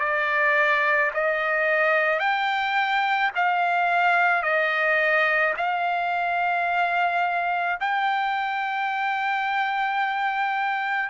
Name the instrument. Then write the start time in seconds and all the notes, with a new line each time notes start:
trumpet
0.00 D5
1.14 D#5
2.20 G5
3.35 F5
4.43 D#5
5.57 F5
7.80 G5